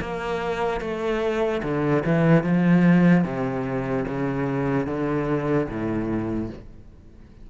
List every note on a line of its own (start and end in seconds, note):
0.00 0.80 A#3
0.80 1.61 A3
1.63 2.03 D3
2.05 2.43 E3
2.43 3.24 F3
3.24 4.05 C3
4.07 4.86 C#3
4.86 5.67 D3
5.68 6.49 A2